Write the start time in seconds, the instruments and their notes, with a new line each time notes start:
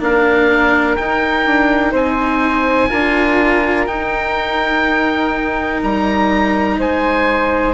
0.00 bassoon A#3, cello D4, flute A#4, oboe F5
0.96 cello D#4, bassoon D#4, oboe G5
1.46 bassoon D4
1.91 bassoon C4, flute C5, oboe G#5
2.89 bassoon D4, cello F4, flute A#4
3.86 cello D#4, bassoon D#4, oboe G5
5.83 bassoon G3, oboe A#5
6.78 bassoon G#3, flute C5, oboe G#5